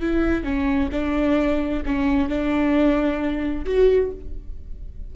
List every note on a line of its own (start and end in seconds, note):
0.00 0.44 E4
0.44 0.89 C#4
0.92 1.83 D4
1.86 2.29 C#4
2.29 3.65 D4
3.65 4.11 F#4